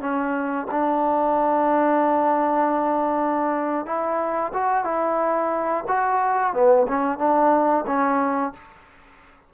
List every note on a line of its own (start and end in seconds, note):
0.00 0.67 C#4
0.71 3.85 D4
3.85 4.52 E4
4.53 4.84 F#4
4.84 5.84 E4
5.88 6.53 F#4
6.53 6.86 B3
6.88 7.18 C#4
7.18 7.85 D4
7.86 8.53 C#4